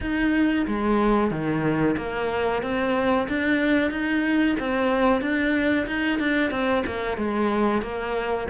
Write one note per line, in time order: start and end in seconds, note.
0.00 0.66 D#4
0.67 1.30 G#3
1.30 1.96 D#3
1.97 2.62 A#3
2.62 3.27 C4
3.28 3.90 D4
3.90 4.55 D#4
4.59 5.21 C4
5.21 5.86 D4
5.87 6.19 D#4
6.19 6.50 D4
6.50 6.83 C4
6.86 7.17 A#3
7.17 7.82 G#3
7.82 8.47 A#3